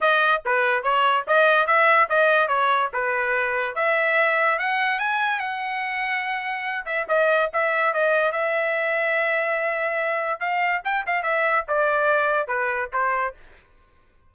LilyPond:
\new Staff \with { instrumentName = "trumpet" } { \time 4/4 \tempo 4 = 144 dis''4 b'4 cis''4 dis''4 | e''4 dis''4 cis''4 b'4~ | b'4 e''2 fis''4 | gis''4 fis''2.~ |
fis''8 e''8 dis''4 e''4 dis''4 | e''1~ | e''4 f''4 g''8 f''8 e''4 | d''2 b'4 c''4 | }